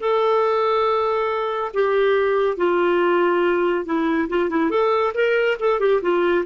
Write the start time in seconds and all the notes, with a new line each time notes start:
0.00 A4
1.74 G4
2.57 F4
3.85 E4
4.29 F4
4.50 E4
4.70 A4
5.14 A#4
5.60 A4
5.80 G4
6.02 F4